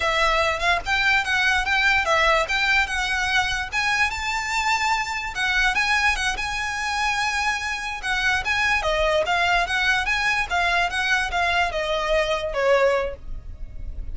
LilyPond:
\new Staff \with { instrumentName = "violin" } { \time 4/4 \tempo 4 = 146 e''4. f''8 g''4 fis''4 | g''4 e''4 g''4 fis''4~ | fis''4 gis''4 a''2~ | a''4 fis''4 gis''4 fis''8 gis''8~ |
gis''2.~ gis''8 fis''8~ | fis''8 gis''4 dis''4 f''4 fis''8~ | fis''8 gis''4 f''4 fis''4 f''8~ | f''8 dis''2 cis''4. | }